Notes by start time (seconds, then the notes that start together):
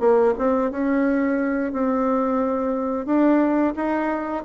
0.00 A#3
0.38 C4
0.71 C#4
1.73 C4
3.06 D4
3.76 D#4